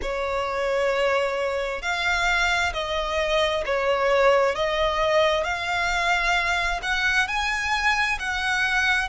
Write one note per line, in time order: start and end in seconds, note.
0.02 1.82 C#5
1.82 2.73 F5
2.73 3.64 D#5
3.65 4.55 C#5
4.55 5.44 D#5
5.44 6.80 F5
6.82 7.27 F#5
7.27 8.18 G#5
8.19 9.08 F#5